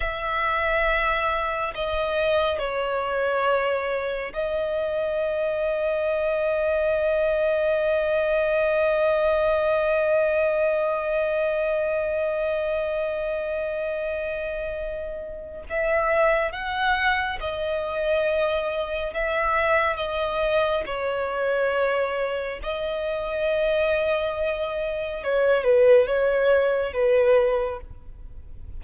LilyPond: \new Staff \with { instrumentName = "violin" } { \time 4/4 \tempo 4 = 69 e''2 dis''4 cis''4~ | cis''4 dis''2.~ | dis''1~ | dis''1~ |
dis''2 e''4 fis''4 | dis''2 e''4 dis''4 | cis''2 dis''2~ | dis''4 cis''8 b'8 cis''4 b'4 | }